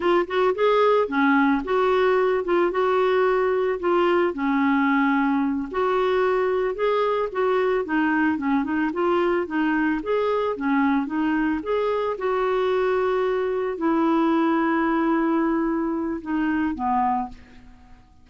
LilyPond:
\new Staff \with { instrumentName = "clarinet" } { \time 4/4 \tempo 4 = 111 f'8 fis'8 gis'4 cis'4 fis'4~ | fis'8 f'8 fis'2 f'4 | cis'2~ cis'8 fis'4.~ | fis'8 gis'4 fis'4 dis'4 cis'8 |
dis'8 f'4 dis'4 gis'4 cis'8~ | cis'8 dis'4 gis'4 fis'4.~ | fis'4. e'2~ e'8~ | e'2 dis'4 b4 | }